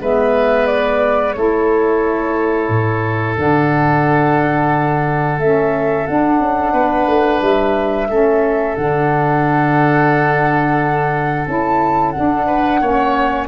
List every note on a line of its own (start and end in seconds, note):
0.00 1.35 G#3
0.00 1.35 B3
0.00 1.36 B4
0.00 0.67 E5
0.67 1.33 D5
1.33 2.69 A3
1.33 3.36 E4
1.33 6.73 A4
1.33 3.35 C#5
2.69 3.36 A2
3.36 5.38 D3
3.36 5.38 D4
3.36 5.40 F#5
5.38 6.06 A3
5.38 6.07 C#4
5.38 6.07 E5
6.07 8.09 D4
6.07 6.39 D4
6.07 7.42 F#5
6.39 6.73 C#4
6.73 7.07 B3
6.73 8.08 B4
7.07 7.41 A3
7.41 8.09 G3
7.41 8.76 E5
8.09 8.76 A3
8.09 8.77 C#4
8.09 12.47 A4
8.76 11.47 D3
8.76 11.46 D4
8.76 11.46 F#5
11.46 12.15 C#4
11.46 12.13 E4
11.46 12.11 A5
12.11 12.82 D4
12.11 13.46 F#5
12.17 12.81 D4
12.47 12.80 B4
12.81 13.48 A#3
12.81 13.48 C#4
12.81 13.48 C#5